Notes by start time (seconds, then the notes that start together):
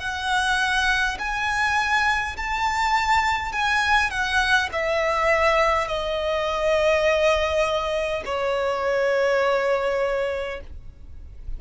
0.00 F#5
1.19 G#5
2.37 A5
3.52 G#5
4.11 F#5
4.73 E5
5.88 D#5
8.25 C#5